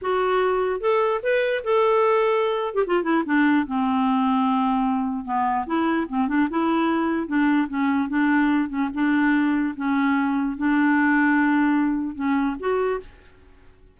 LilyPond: \new Staff \with { instrumentName = "clarinet" } { \time 4/4 \tempo 4 = 148 fis'2 a'4 b'4 | a'2~ a'8. g'16 f'8 e'8 | d'4 c'2.~ | c'4 b4 e'4 c'8 d'8 |
e'2 d'4 cis'4 | d'4. cis'8 d'2 | cis'2 d'2~ | d'2 cis'4 fis'4 | }